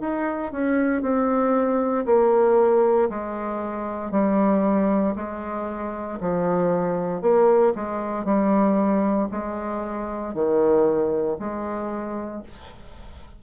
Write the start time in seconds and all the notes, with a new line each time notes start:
0.00 D#4
0.52 C#4
1.02 C4
2.05 A#3
3.09 G#3
4.11 G3
5.15 G#3
6.20 F3
7.21 A#3
7.75 G#3
8.24 G3
9.31 G#3
10.34 D#3
11.39 G#3